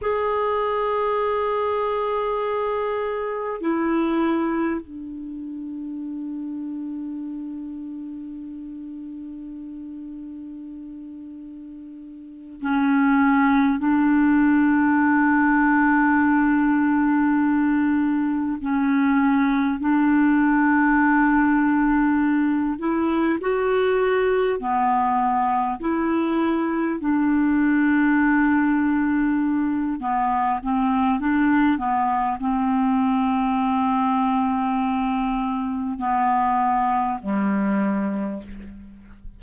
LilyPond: \new Staff \with { instrumentName = "clarinet" } { \time 4/4 \tempo 4 = 50 gis'2. e'4 | d'1~ | d'2~ d'8 cis'4 d'8~ | d'2.~ d'8 cis'8~ |
cis'8 d'2~ d'8 e'8 fis'8~ | fis'8 b4 e'4 d'4.~ | d'4 b8 c'8 d'8 b8 c'4~ | c'2 b4 g4 | }